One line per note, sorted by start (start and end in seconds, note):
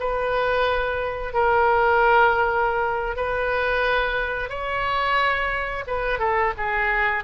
0.00 1.33 B4
1.33 3.16 A#4
3.16 4.50 B4
4.50 5.84 C#5
5.87 6.19 B4
6.19 6.53 A4
6.57 7.24 G#4